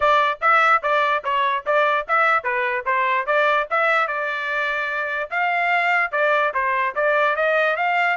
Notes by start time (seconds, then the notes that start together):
0.00 D5
0.41 E5
0.82 D5
1.24 C#5
1.66 D5
2.08 E5
2.43 B4
2.85 C5
3.26 D5
3.70 E5
4.07 D5
5.30 F5
6.11 D5
6.54 C5
6.95 D5
7.35 D#5
7.76 F5